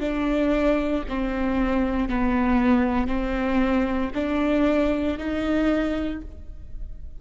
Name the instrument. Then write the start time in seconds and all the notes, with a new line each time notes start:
viola
0.00 D4
1.08 C4
2.09 B3
3.08 C4
4.14 D4
5.18 D#4